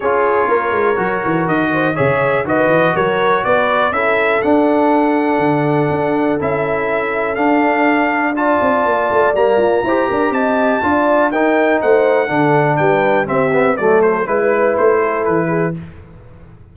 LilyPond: <<
  \new Staff \with { instrumentName = "trumpet" } { \time 4/4 \tempo 4 = 122 cis''2. dis''4 | e''4 dis''4 cis''4 d''4 | e''4 fis''2.~ | fis''4 e''2 f''4~ |
f''4 a''2 ais''4~ | ais''4 a''2 g''4 | fis''2 g''4 e''4 | d''8 c''8 b'4 c''4 b'4 | }
  \new Staff \with { instrumentName = "horn" } { \time 4/4 gis'4 ais'2~ ais'8 c''8 | cis''4 b'4 ais'4 b'4 | a'1~ | a'1~ |
a'4 d''2. | c''8 ais'8 dis''4 d''4 ais'4 | c''4 a'4 b'4 g'4 | a'4 b'4. a'4 gis'8 | }
  \new Staff \with { instrumentName = "trombone" } { \time 4/4 f'2 fis'2 | gis'4 fis'2. | e'4 d'2.~ | d'4 e'2 d'4~ |
d'4 f'2 ais4 | g'2 f'4 dis'4~ | dis'4 d'2 c'8 b8 | a4 e'2. | }
  \new Staff \with { instrumentName = "tuba" } { \time 4/4 cis'4 ais8 gis8 fis8 e8 dis4 | cis4 dis8 e8 fis4 b4 | cis'4 d'2 d4 | d'4 cis'2 d'4~ |
d'4. c'8 ais8 a8 g8 f'8 | e'8 d'8 c'4 d'4 dis'4 | a4 d4 g4 c'4 | fis4 gis4 a4 e4 | }
>>